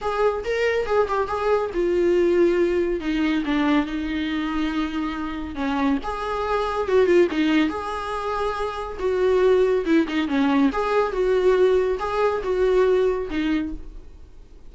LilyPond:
\new Staff \with { instrumentName = "viola" } { \time 4/4 \tempo 4 = 140 gis'4 ais'4 gis'8 g'8 gis'4 | f'2. dis'4 | d'4 dis'2.~ | dis'4 cis'4 gis'2 |
fis'8 f'8 dis'4 gis'2~ | gis'4 fis'2 e'8 dis'8 | cis'4 gis'4 fis'2 | gis'4 fis'2 dis'4 | }